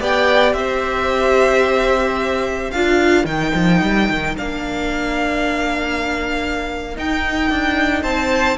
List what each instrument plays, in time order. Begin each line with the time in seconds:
0.00 cello B3, viola G4, violin D5 G5
0.53 cello C4, violin C5 E5
2.71 cello D4, viola F4, violin A#4 F5
3.25 cello D#3, viola D#4, violin G5
3.55 cello F3
3.82 cello G3
4.10 cello D#3
4.36 cello A#3, viola D4, violin F5
6.95 viola D#4, cello D#4, violin G5
7.50 cello D4
8.02 cello C4, violin C5 A5